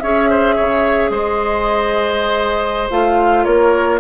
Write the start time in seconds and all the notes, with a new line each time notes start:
0.00 C#4 G#4 C#5 E5
0.30 C5
0.55 C#3 C#5
1.10 G#3 C5 D#5
2.90 A3 F4 F5
3.44 A#3 A#4 C#5